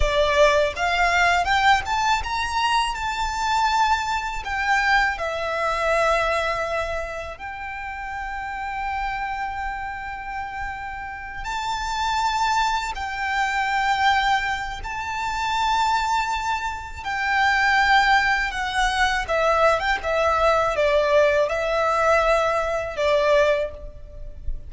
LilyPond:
\new Staff \with { instrumentName = "violin" } { \time 4/4 \tempo 4 = 81 d''4 f''4 g''8 a''8 ais''4 | a''2 g''4 e''4~ | e''2 g''2~ | g''2.~ g''8 a''8~ |
a''4. g''2~ g''8 | a''2. g''4~ | g''4 fis''4 e''8. g''16 e''4 | d''4 e''2 d''4 | }